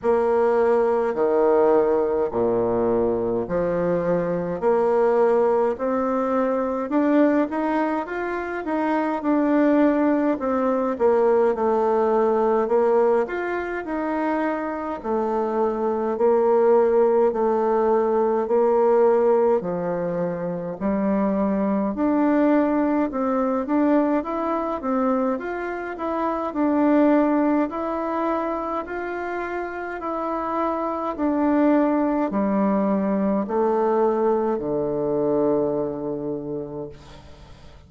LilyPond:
\new Staff \with { instrumentName = "bassoon" } { \time 4/4 \tempo 4 = 52 ais4 dis4 ais,4 f4 | ais4 c'4 d'8 dis'8 f'8 dis'8 | d'4 c'8 ais8 a4 ais8 f'8 | dis'4 a4 ais4 a4 |
ais4 f4 g4 d'4 | c'8 d'8 e'8 c'8 f'8 e'8 d'4 | e'4 f'4 e'4 d'4 | g4 a4 d2 | }